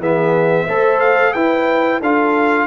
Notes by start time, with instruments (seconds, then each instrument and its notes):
0.00 tuba E3, trombone B3, horn G#4, trumpet E5
0.68 tuba A3, trombone A4, horn C5
1.00 trumpet F5
1.34 tuba E4, trombone E4, horn B4, trumpet G5
2.00 tuba D4, trombone F4, horn A4, trumpet F5